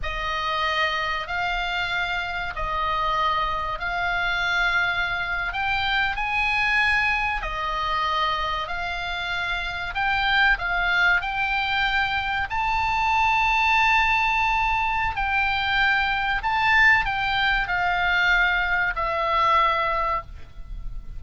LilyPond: \new Staff \with { instrumentName = "oboe" } { \time 4/4 \tempo 4 = 95 dis''2 f''2 | dis''2 f''2~ | f''8. g''4 gis''2 dis''16~ | dis''4.~ dis''16 f''2 g''16~ |
g''8. f''4 g''2 a''16~ | a''1 | g''2 a''4 g''4 | f''2 e''2 | }